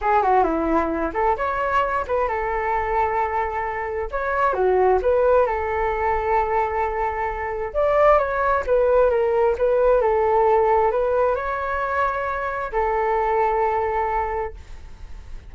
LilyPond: \new Staff \with { instrumentName = "flute" } { \time 4/4 \tempo 4 = 132 gis'8 fis'8 e'4. a'8 cis''4~ | cis''8 b'8 a'2.~ | a'4 cis''4 fis'4 b'4 | a'1~ |
a'4 d''4 cis''4 b'4 | ais'4 b'4 a'2 | b'4 cis''2. | a'1 | }